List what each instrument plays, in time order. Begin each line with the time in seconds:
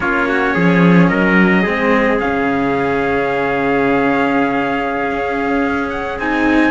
0.00 cello A#3 C#4, trumpet F4 C#5
0.28 trumpet F#4
0.54 cello F3, trumpet G#4
1.07 cello F#3, trumpet A#4 D#5
1.62 cello G#3 C4, trumpet G#4
2.20 cello C#3 C#4, trumpet F5
5.11 cello C#4
5.89 trumpet F#5
6.18 cello C4 D#4, trumpet G#5